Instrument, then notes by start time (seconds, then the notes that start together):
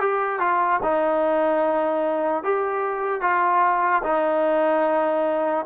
trombone
0.00 G4
0.39 F4
0.83 D#4
2.43 G4
3.21 F4
4.03 D#4